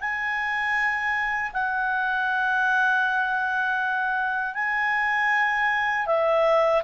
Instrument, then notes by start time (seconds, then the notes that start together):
clarinet
0.00 G#5
1.53 F#5
4.54 G#5
6.06 E5